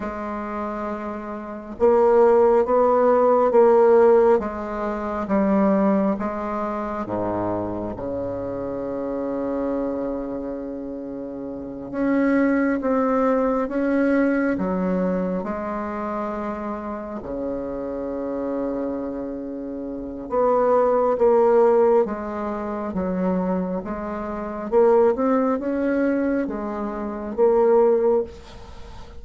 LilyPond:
\new Staff \with { instrumentName = "bassoon" } { \time 4/4 \tempo 4 = 68 gis2 ais4 b4 | ais4 gis4 g4 gis4 | gis,4 cis2.~ | cis4. cis'4 c'4 cis'8~ |
cis'8 fis4 gis2 cis8~ | cis2. b4 | ais4 gis4 fis4 gis4 | ais8 c'8 cis'4 gis4 ais4 | }